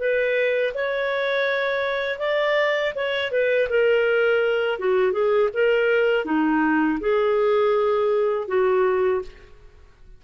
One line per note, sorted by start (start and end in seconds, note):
0.00 0.74 B4
0.75 2.20 C#5
2.20 2.94 D5
2.96 3.32 C#5
3.32 3.69 B4
3.70 4.79 A#4
4.79 5.13 F#4
5.13 5.50 G#4
5.54 6.25 A#4
6.25 6.99 D#4
7.01 8.48 G#4
8.48 9.22 F#4